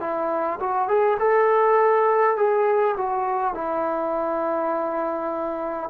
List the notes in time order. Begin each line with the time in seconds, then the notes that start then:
0.00 E4
0.59 F#4
0.88 G#4
1.19 A4
2.36 G#4
2.97 F#4
3.54 E4